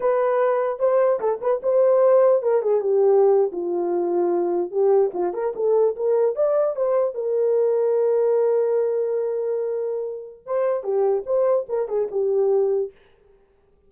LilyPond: \new Staff \with { instrumentName = "horn" } { \time 4/4 \tempo 4 = 149 b'2 c''4 a'8 b'8 | c''2 ais'8 gis'8 g'4~ | g'8. f'2. g'16~ | g'8. f'8 ais'8 a'4 ais'4 d''16~ |
d''8. c''4 ais'2~ ais'16~ | ais'1~ | ais'2 c''4 g'4 | c''4 ais'8 gis'8 g'2 | }